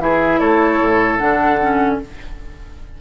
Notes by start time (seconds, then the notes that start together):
0.00 E3 E4 G#4 E5
0.40 A3 A4 C#5
0.81 A2
1.17 D3 D4 F#5
1.61 C#4